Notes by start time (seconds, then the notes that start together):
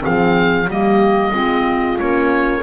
0.00 C4 G#4 F5
0.07 F3
0.68 G3 A#3 G4 D#5
1.32 G#3 C4 F4
1.98 A#3 C#4 C#5